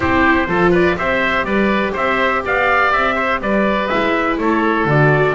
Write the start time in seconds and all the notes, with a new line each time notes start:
0.00 C4 E4 G4 C5
0.47 F3 F4 A4
0.70 B4 D5
0.96 C4 G4 C5 E5
1.44 G3 B4 D5
1.92 C4 C5 E5
2.45 B3 D5 F5
2.92 C4 E5
3.15 C5
3.40 G3 B4 D5
3.87 G#3 E4 E5
4.37 A3 A4 C#5
4.85 D3 F#4 D5